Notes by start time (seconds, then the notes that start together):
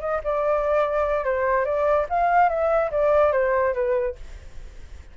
0.00 D#5
0.24 D5
1.24 C5
1.65 D5
2.09 F5
2.49 E5
2.91 D5
3.32 C5
3.74 B4